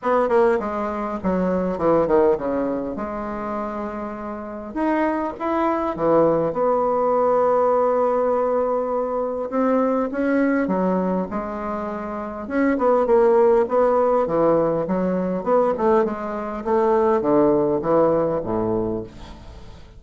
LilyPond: \new Staff \with { instrumentName = "bassoon" } { \time 4/4 \tempo 4 = 101 b8 ais8 gis4 fis4 e8 dis8 | cis4 gis2. | dis'4 e'4 e4 b4~ | b1 |
c'4 cis'4 fis4 gis4~ | gis4 cis'8 b8 ais4 b4 | e4 fis4 b8 a8 gis4 | a4 d4 e4 a,4 | }